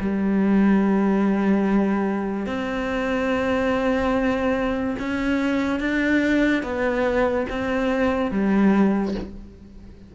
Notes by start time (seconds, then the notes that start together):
0.00 G3
2.46 C4
4.99 C#4
5.80 D4
6.63 B3
7.49 C4
8.31 G3